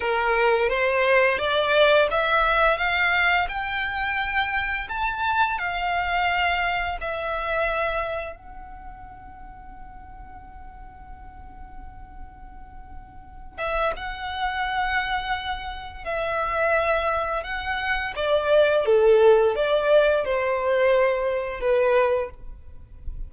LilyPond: \new Staff \with { instrumentName = "violin" } { \time 4/4 \tempo 4 = 86 ais'4 c''4 d''4 e''4 | f''4 g''2 a''4 | f''2 e''2 | fis''1~ |
fis''2.~ fis''8 e''8 | fis''2. e''4~ | e''4 fis''4 d''4 a'4 | d''4 c''2 b'4 | }